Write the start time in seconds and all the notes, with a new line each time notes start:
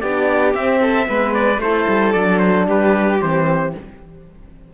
0.00 B3 D4 G4 D5
0.54 C4 E5
0.81 A4
1.04 G#3 B3 B4
1.34 D5
1.58 A3 E4 A4 C5
1.88 G3
2.12 F#3 D4 D5
2.39 C5
2.67 G3 G4 B4
3.20 E3 C4 C5